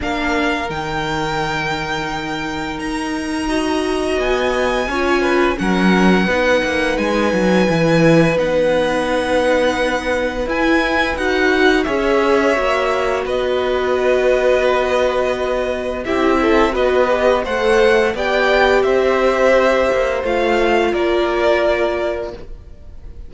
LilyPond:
<<
  \new Staff \with { instrumentName = "violin" } { \time 4/4 \tempo 4 = 86 f''4 g''2. | ais''2 gis''2 | fis''2 gis''2 | fis''2. gis''4 |
fis''4 e''2 dis''4~ | dis''2. e''4 | dis''4 fis''4 g''4 e''4~ | e''4 f''4 d''2 | }
  \new Staff \with { instrumentName = "violin" } { \time 4/4 ais'1~ | ais'4 dis''2 cis''8 b'8 | ais'4 b'2.~ | b'1~ |
b'4 cis''2 b'4~ | b'2. g'8 a'8 | b'4 c''4 d''4 c''4~ | c''2 ais'2 | }
  \new Staff \with { instrumentName = "viola" } { \time 4/4 d'4 dis'2.~ | dis'4 fis'2 f'4 | cis'4 dis'2 e'4 | dis'2. e'4 |
fis'4 gis'4 fis'2~ | fis'2. e'4 | fis'8 g'8 a'4 g'2~ | g'4 f'2. | }
  \new Staff \with { instrumentName = "cello" } { \time 4/4 ais4 dis2. | dis'2 b4 cis'4 | fis4 b8 ais8 gis8 fis8 e4 | b2. e'4 |
dis'4 cis'4 ais4 b4~ | b2. c'4 | b4 a4 b4 c'4~ | c'8 ais8 a4 ais2 | }
>>